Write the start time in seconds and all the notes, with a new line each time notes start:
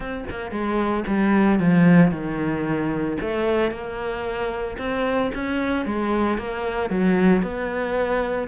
0.00 C4
0.29 A#3
0.51 G#3
1.07 G3
1.59 F3
2.11 D#3
3.20 A3
3.71 A#3
4.78 C4
5.34 C#4
5.86 G#3
6.38 A#3
6.90 F#3
7.42 B3